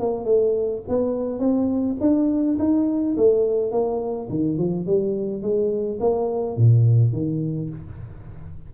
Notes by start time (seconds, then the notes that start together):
0.00 A#3
0.25 A3
0.89 B3
1.40 C4
2.01 D4
2.59 D#4
3.17 A3
3.72 A#3
4.30 D#3
4.58 F3
4.87 G3
5.42 G#3
6.01 A#3
6.57 A#2
7.13 D#3